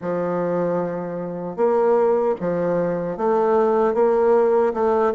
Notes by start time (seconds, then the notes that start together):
0.01 F3
1.56 A#3
2.40 F3
3.17 A3
3.94 A#3
4.73 A3